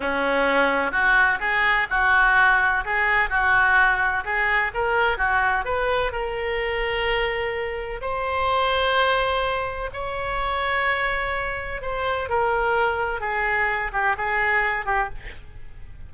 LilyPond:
\new Staff \with { instrumentName = "oboe" } { \time 4/4 \tempo 4 = 127 cis'2 fis'4 gis'4 | fis'2 gis'4 fis'4~ | fis'4 gis'4 ais'4 fis'4 | b'4 ais'2.~ |
ais'4 c''2.~ | c''4 cis''2.~ | cis''4 c''4 ais'2 | gis'4. g'8 gis'4. g'8 | }